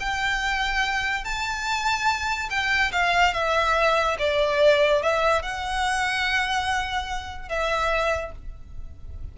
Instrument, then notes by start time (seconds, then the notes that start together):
violin
0.00 G5
1.25 A5
2.50 G5
2.92 F5
3.34 E5
4.19 D5
5.03 E5
5.42 F#5
7.49 E5